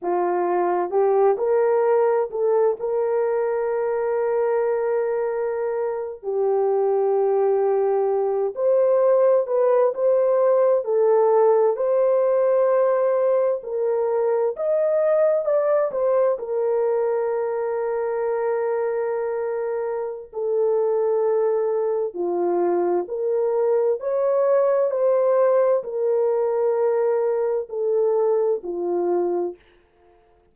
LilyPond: \new Staff \with { instrumentName = "horn" } { \time 4/4 \tempo 4 = 65 f'4 g'8 ais'4 a'8 ais'4~ | ais'2~ ais'8. g'4~ g'16~ | g'4~ g'16 c''4 b'8 c''4 a'16~ | a'8. c''2 ais'4 dis''16~ |
dis''8. d''8 c''8 ais'2~ ais'16~ | ais'2 a'2 | f'4 ais'4 cis''4 c''4 | ais'2 a'4 f'4 | }